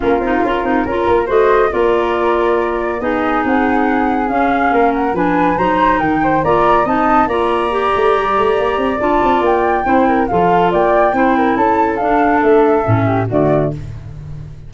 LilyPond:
<<
  \new Staff \with { instrumentName = "flute" } { \time 4/4 \tempo 4 = 140 ais'2. dis''4 | d''2. dis''4 | fis''2 f''4. fis''8 | gis''4 ais''4 g''4 ais''4 |
a''4 ais''2.~ | ais''4 a''4 g''2 | f''4 g''2 a''4 | f''4 e''2 d''4 | }
  \new Staff \with { instrumentName = "flute" } { \time 4/4 f'2 ais'4 c''4 | ais'2. gis'4~ | gis'2. ais'4 | b'4 c''4 ais'8 c''8 d''4 |
dis''4 d''2.~ | d''2. c''8 ais'8 | a'4 d''4 c''8 ais'8 a'4~ | a'2~ a'8 g'8 fis'4 | }
  \new Staff \with { instrumentName = "clarinet" } { \time 4/4 cis'8 dis'8 f'8 dis'8 f'4 fis'4 | f'2. dis'4~ | dis'2 cis'2 | d'4 dis'2 f'4 |
dis'4 f'4 g'2~ | g'4 f'2 e'4 | f'2 e'2 | d'2 cis'4 a4 | }
  \new Staff \with { instrumentName = "tuba" } { \time 4/4 ais8 c'8 cis'8 c'8 cis'8 ais8 a4 | ais2. b4 | c'2 cis'4 ais4 | f4 fis4 dis4 ais4 |
c'4 ais4. a8 g8 a8 | ais8 c'8 d'8 c'8 ais4 c'4 | f4 ais4 c'4 cis'4 | d'4 a4 a,4 d4 | }
>>